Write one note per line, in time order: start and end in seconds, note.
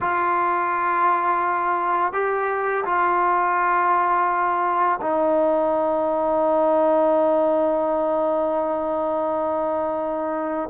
0.01 2.12 F4
2.12 2.84 G4
2.85 4.99 F4
5.01 10.69 D#4